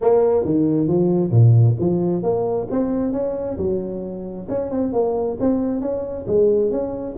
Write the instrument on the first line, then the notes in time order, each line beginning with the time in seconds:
tuba
0.01 A#3
0.44 D#3
0.87 F3
1.30 A#2
1.79 F3
2.23 A#3
2.70 C4
3.12 C#4
3.57 F#3
4.49 C#4
4.70 C4
4.92 A#3
5.40 C4
5.80 C#4
6.27 G#3
6.71 C#4